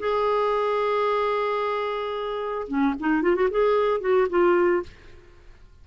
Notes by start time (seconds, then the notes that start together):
0.00 G#4
2.68 C#4
3.00 D#4
3.23 F4
3.36 F#4
3.51 G#4
4.01 F#4
4.30 F4